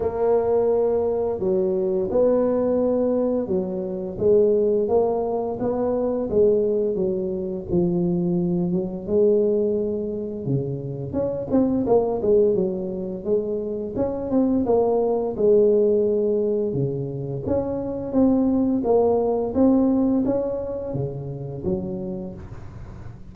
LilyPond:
\new Staff \with { instrumentName = "tuba" } { \time 4/4 \tempo 4 = 86 ais2 fis4 b4~ | b4 fis4 gis4 ais4 | b4 gis4 fis4 f4~ | f8 fis8 gis2 cis4 |
cis'8 c'8 ais8 gis8 fis4 gis4 | cis'8 c'8 ais4 gis2 | cis4 cis'4 c'4 ais4 | c'4 cis'4 cis4 fis4 | }